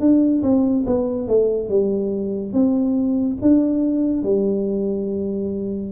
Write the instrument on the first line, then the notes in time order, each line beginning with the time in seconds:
tuba
0.00 D4
0.43 C4
0.86 B3
1.28 A3
1.69 G3
2.53 C4
3.41 D4
4.23 G3